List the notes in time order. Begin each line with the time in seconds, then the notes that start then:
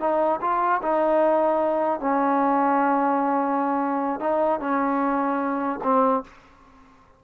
0.00 D#4
0.41 F4
0.82 D#4
2.00 C#4
4.20 D#4
4.60 C#4
5.84 C4